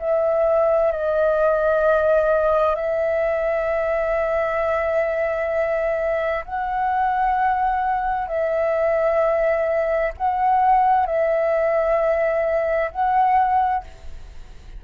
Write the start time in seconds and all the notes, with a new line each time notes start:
0.00 E5
0.92 D#5
2.76 E5
6.46 F#5
8.28 E5
10.18 F#5
11.07 E5
12.92 F#5